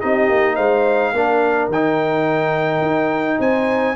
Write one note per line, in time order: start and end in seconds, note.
0.00 0.29 C4
0.00 1.14 D#4
0.00 0.55 G4
0.00 0.55 D#5
0.29 0.57 A#3
0.55 1.13 G#3
0.55 1.12 C5
0.55 1.69 F5
1.13 1.68 A#3
1.13 1.71 D4
1.13 3.39 A#4
1.68 2.81 D#3
1.68 3.96 D#4
1.68 3.41 G5
2.82 3.38 D#4
3.39 3.96 C4
3.39 3.96 C5
3.39 3.96 G#5